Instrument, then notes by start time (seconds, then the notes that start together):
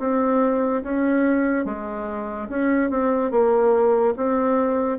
bassoon
0.00 C4
0.84 C#4
1.66 G#3
2.50 C#4
2.91 C4
3.31 A#3
4.17 C4